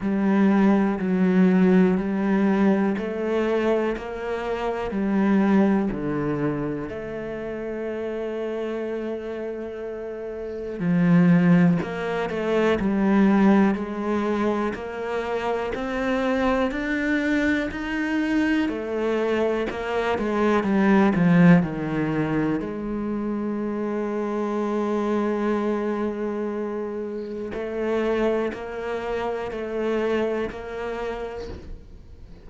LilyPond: \new Staff \with { instrumentName = "cello" } { \time 4/4 \tempo 4 = 61 g4 fis4 g4 a4 | ais4 g4 d4 a4~ | a2. f4 | ais8 a8 g4 gis4 ais4 |
c'4 d'4 dis'4 a4 | ais8 gis8 g8 f8 dis4 gis4~ | gis1 | a4 ais4 a4 ais4 | }